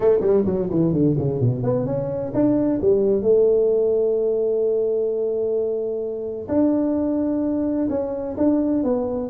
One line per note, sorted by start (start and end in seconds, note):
0.00 0.20 A3
0.20 0.44 G3
0.45 0.68 F#3
0.70 0.93 E3
0.93 1.16 D3
1.18 1.40 C#3
1.40 1.63 B2
1.63 1.86 B3
1.86 2.32 C#4
2.34 2.80 D4
2.81 3.22 G3
3.22 6.47 A3
6.48 7.88 D4
7.89 8.36 C#4
8.37 8.83 D4
8.83 9.29 B3